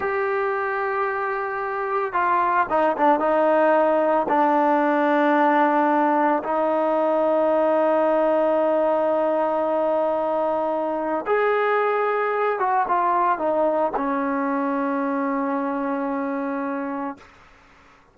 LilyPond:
\new Staff \with { instrumentName = "trombone" } { \time 4/4 \tempo 4 = 112 g'1 | f'4 dis'8 d'8 dis'2 | d'1 | dis'1~ |
dis'1~ | dis'4 gis'2~ gis'8 fis'8 | f'4 dis'4 cis'2~ | cis'1 | }